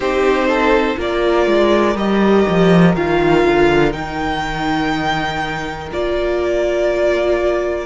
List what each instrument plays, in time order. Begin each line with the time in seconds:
0.00 cello C4, viola D#4, violin G4 C5
0.48 violin A4
0.96 cello A#3, viola F4, violin A#4 D5
1.46 cello G#3
1.95 cello G3, viola G4, violin D#5
2.48 cello F3
2.95 cello D#3, viola F4, violin F5
3.45 cello D3
3.91 cello D#3, viola D#4, violin G5
5.91 cello A#3, viola F4, violin D5